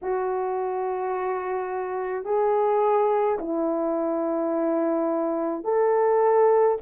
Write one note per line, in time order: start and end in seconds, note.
0.02 2.24 F#4
2.24 3.38 G#4
3.38 5.63 E4
5.63 6.77 A4